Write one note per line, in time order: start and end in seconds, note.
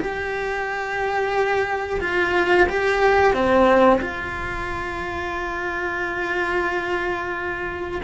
0.00 2.00 G4
2.01 2.67 F4
2.69 3.33 G4
3.33 4.00 C4
4.02 8.02 F4